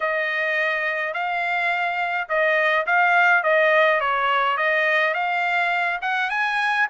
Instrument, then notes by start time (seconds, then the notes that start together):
trumpet
0.00 D#5
1.13 F5
2.29 D#5
2.86 F5
3.43 D#5
4.00 C#5
4.57 D#5
5.14 F5
6.01 F#5
6.30 G#5